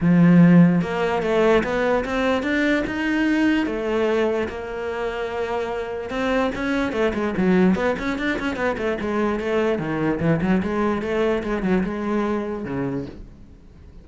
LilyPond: \new Staff \with { instrumentName = "cello" } { \time 4/4 \tempo 4 = 147 f2 ais4 a4 | b4 c'4 d'4 dis'4~ | dis'4 a2 ais4~ | ais2. c'4 |
cis'4 a8 gis8 fis4 b8 cis'8 | d'8 cis'8 b8 a8 gis4 a4 | dis4 e8 fis8 gis4 a4 | gis8 fis8 gis2 cis4 | }